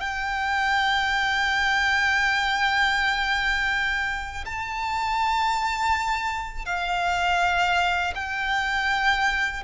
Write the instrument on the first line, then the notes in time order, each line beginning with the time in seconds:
violin
0.00 G5
4.45 A5
6.65 F5
8.15 G5